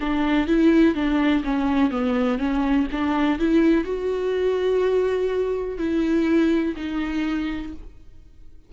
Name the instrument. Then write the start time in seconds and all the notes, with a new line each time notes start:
viola
0.00 D4
0.47 E4
0.95 D4
1.44 C#4
1.90 B3
2.38 C#4
2.91 D4
3.38 E4
3.84 F#4
5.78 E4
6.76 D#4